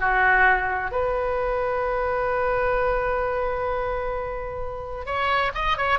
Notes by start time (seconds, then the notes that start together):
0.00 F#4
0.91 B4
5.06 C#5
5.55 D#5
5.77 C#5